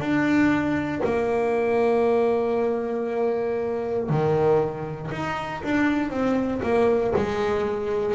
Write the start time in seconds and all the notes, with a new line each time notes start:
0.00 D4
1.04 A#3
4.09 D#3
5.11 D#4
5.63 D4
6.10 C4
6.63 A#3
7.16 G#3